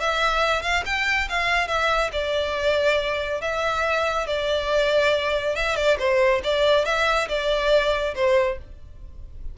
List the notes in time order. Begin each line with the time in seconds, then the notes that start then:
0.00 E5
0.62 F5
0.86 G5
1.29 F5
1.68 E5
2.12 D5
3.41 E5
4.27 D5
5.55 E5
5.76 D5
5.99 C5
6.43 D5
6.85 E5
7.29 D5
8.15 C5